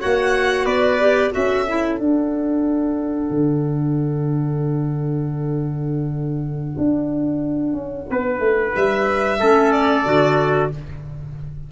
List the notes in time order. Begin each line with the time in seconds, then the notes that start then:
0.00 A#3 F#4 C#5 F#5
0.66 B3 B4 D5
1.00 G4
1.31 C#4 F#4 A4 E5
1.69 E4
1.99 D4 F#5
3.30 D3
6.78 D4
7.73 C#4
8.10 B3 B4
8.40 A3
8.76 G3 E5
9.40 A3 C#4 A4
9.72 D5
10.05 D3 F#4